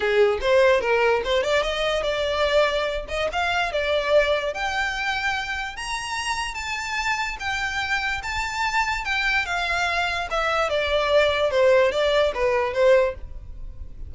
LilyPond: \new Staff \with { instrumentName = "violin" } { \time 4/4 \tempo 4 = 146 gis'4 c''4 ais'4 c''8 d''8 | dis''4 d''2~ d''8 dis''8 | f''4 d''2 g''4~ | g''2 ais''2 |
a''2 g''2 | a''2 g''4 f''4~ | f''4 e''4 d''2 | c''4 d''4 b'4 c''4 | }